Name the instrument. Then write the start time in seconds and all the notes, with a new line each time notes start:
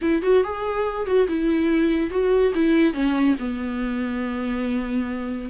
viola
0.01 E4
0.22 F#4
0.43 G#4
1.06 F#4
1.28 E4
2.10 F#4
2.54 E4
2.93 C#4
3.39 B3